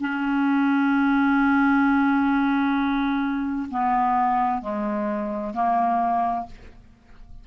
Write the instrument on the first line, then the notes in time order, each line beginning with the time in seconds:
clarinet
0.00 C#4
3.70 B3
4.62 G#3
5.54 A#3